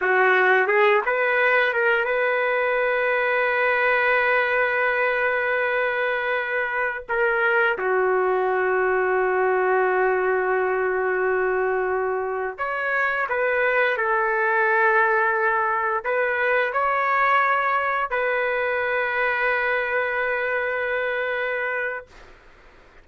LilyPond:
\new Staff \with { instrumentName = "trumpet" } { \time 4/4 \tempo 4 = 87 fis'4 gis'8 b'4 ais'8 b'4~ | b'1~ | b'2~ b'16 ais'4 fis'8.~ | fis'1~ |
fis'2~ fis'16 cis''4 b'8.~ | b'16 a'2. b'8.~ | b'16 cis''2 b'4.~ b'16~ | b'1 | }